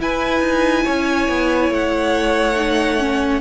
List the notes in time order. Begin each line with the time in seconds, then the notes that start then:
0.00 E4 B4 G#5
0.41 D#4
0.84 C#4 C#5
1.29 B3
1.70 A3 F#5
2.57 D#4
3.00 C#4